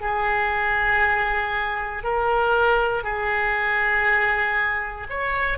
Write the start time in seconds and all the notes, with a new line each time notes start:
0.00 G#4
2.03 A#4
3.03 G#4
5.09 C#5